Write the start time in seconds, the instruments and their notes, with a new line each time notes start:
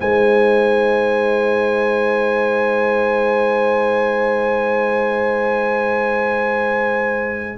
0.00 tuba G#3, trombone D#4, horn C5, trumpet G#5